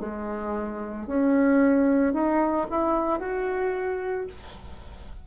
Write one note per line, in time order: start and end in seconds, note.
0.00 1.07 G#3
1.07 2.13 C#4
2.13 2.67 D#4
2.70 3.19 E4
3.19 4.27 F#4